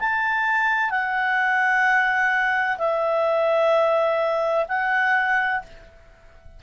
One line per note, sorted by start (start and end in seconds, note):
0.00 0.91 A5
0.91 2.78 F#5
2.79 4.66 E5
4.69 5.62 F#5